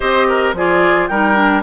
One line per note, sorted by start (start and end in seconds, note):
0.00 0.53 C4
0.00 0.55 G4
0.00 0.27 C5
0.00 0.55 D#5
0.27 0.55 A#4
0.53 1.08 F3
0.53 1.11 F4
0.53 1.09 G#4
0.53 1.07 D5
1.07 1.63 G3
1.07 1.34 D#4
1.07 1.63 A#4
1.07 1.62 G5
1.34 1.62 D4